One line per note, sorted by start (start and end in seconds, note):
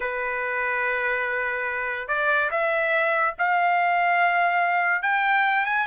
0.00 2.08 B4
2.08 2.50 D5
2.51 3.35 E5
3.38 5.02 F5
5.02 5.65 G5
5.65 5.86 G#5